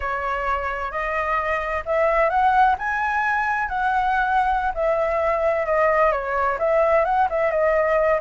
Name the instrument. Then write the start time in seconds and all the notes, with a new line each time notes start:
flute
0.00 C#5
0.91 D#5
1.85 E5
2.29 F#5
2.78 G#5
3.68 F#5
4.74 E5
5.65 D#5
6.12 C#5
6.59 E5
7.04 F#5
7.29 E5
7.51 D#5